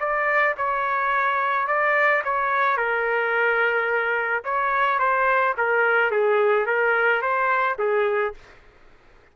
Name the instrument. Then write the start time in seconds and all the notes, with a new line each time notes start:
trumpet
0.00 D5
0.58 C#5
1.67 D5
2.24 C#5
2.77 A#4
4.44 C#5
4.99 C5
5.58 A#4
6.11 G#4
6.66 A#4
7.22 C5
7.79 G#4